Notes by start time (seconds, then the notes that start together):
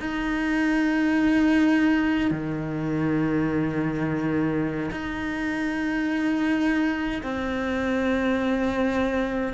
0.00 D#4
2.31 D#3
4.91 D#4
7.23 C4